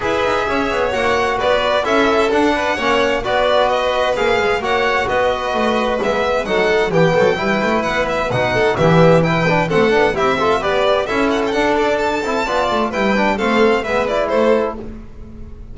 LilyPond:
<<
  \new Staff \with { instrumentName = "violin" } { \time 4/4 \tempo 4 = 130 e''2 fis''4 d''4 | e''4 fis''2 d''4 | dis''4 f''4 fis''4 dis''4~ | dis''4 e''4 fis''4 g''4~ |
g''4 fis''8 e''8 fis''4 e''4 | g''4 fis''4 e''4 d''4 | e''8 fis''16 g''16 fis''8 d''8 a''2 | g''4 f''4 e''8 d''8 c''4 | }
  \new Staff \with { instrumentName = "violin" } { \time 4/4 b'4 cis''2 b'4 | a'4. b'8 cis''4 b'4~ | b'2 cis''4 b'4~ | b'2 a'4 g'8 a'8 |
b'2~ b'8 a'8 g'4 | b'4 a'4 g'8 a'8 b'4 | a'2. d''4 | b'4 a'4 b'4 a'4 | }
  \new Staff \with { instrumentName = "trombone" } { \time 4/4 gis'2 fis'2 | e'4 d'4 cis'4 fis'4~ | fis'4 gis'4 fis'2~ | fis'4 b4 dis'4 b4 |
e'2 dis'4 b4 | e'8 d'8 c'8 d'8 e'8 f'8 g'4 | e'4 d'4. e'8 f'4 | e'8 d'8 c'4 b8 e'4. | }
  \new Staff \with { instrumentName = "double bass" } { \time 4/4 e'8 dis'8 cis'8 b8 ais4 b4 | cis'4 d'4 ais4 b4~ | b4 ais8 gis8 ais4 b4 | a4 gis4 fis4 e8 fis8 |
g8 a8 b4 b,4 e4~ | e4 a8 b8 c'4 b4 | cis'4 d'4. c'8 b8 a8 | g4 a4 gis4 a4 | }
>>